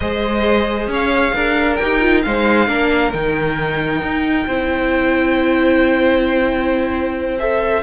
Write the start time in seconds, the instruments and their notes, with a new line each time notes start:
0.00 cello G#3, viola G#4, violin C5 D#5
0.87 cello C#4, violin C#5 F5
1.34 cello D4, violin A#4
1.75 viola G4, violin G5
1.83 cello D#4
2.00 viola F4
2.22 cello G#3, viola D#4, violin C5 F5
2.67 cello A#3, viola D4, violin A#4
3.12 cello D#3, viola D#4, violin G5
4.01 cello D#4
4.46 cello C4, viola E4, violin C5
7.38 viola A4, violin E5